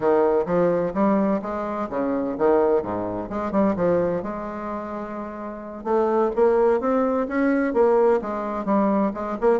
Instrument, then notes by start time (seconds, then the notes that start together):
bassoon
0.00 D#3
0.45 F3
0.94 G3
1.41 G#3
1.89 C#3
2.37 D#3
2.82 G#2
3.29 G#3
3.51 G3
3.76 F3
4.22 G#3
5.84 A3
6.35 A#3
6.80 C4
7.28 C#4
7.73 A#3
8.21 G#3
8.65 G3
9.14 G#3
9.40 A#3